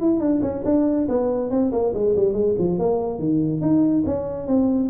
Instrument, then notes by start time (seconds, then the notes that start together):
tuba
0.00 E4
0.20 D4
0.42 C#4
0.65 D4
1.08 B3
1.50 C4
1.72 A#3
1.93 G#3
2.15 G3
2.33 G#3
2.58 F3
2.78 A#3
3.19 D#3
3.61 D#4
4.05 C#4
4.47 C4